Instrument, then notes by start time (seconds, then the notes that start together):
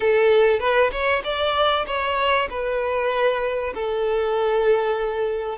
violin
0.00 A4
0.59 B4
0.91 C#5
1.23 D5
1.86 C#5
2.50 B4
3.74 A4